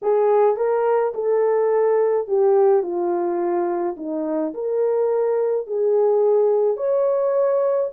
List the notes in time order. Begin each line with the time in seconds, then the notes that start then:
0.02 G#4
0.56 A#4
1.14 A4
2.27 G4
2.82 F4
3.96 D#4
4.54 A#4
5.67 G#4
6.76 C#5